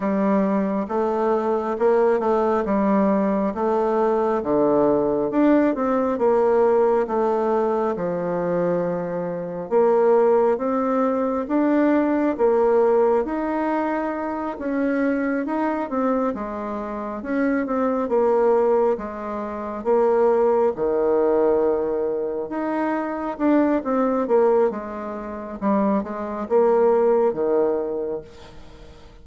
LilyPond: \new Staff \with { instrumentName = "bassoon" } { \time 4/4 \tempo 4 = 68 g4 a4 ais8 a8 g4 | a4 d4 d'8 c'8 ais4 | a4 f2 ais4 | c'4 d'4 ais4 dis'4~ |
dis'8 cis'4 dis'8 c'8 gis4 cis'8 | c'8 ais4 gis4 ais4 dis8~ | dis4. dis'4 d'8 c'8 ais8 | gis4 g8 gis8 ais4 dis4 | }